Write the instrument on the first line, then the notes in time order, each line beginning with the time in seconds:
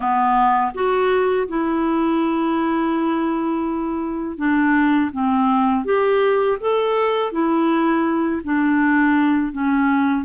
clarinet
0.00 B3
0.74 F#4
1.48 E4
4.37 D4
5.12 C4
5.84 G4
6.60 A4
7.31 E4
8.43 D4
9.52 C#4